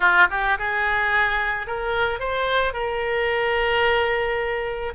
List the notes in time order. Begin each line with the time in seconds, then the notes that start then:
0.00 F4
0.30 G4
0.58 G#4
1.67 A#4
2.19 C5
2.73 A#4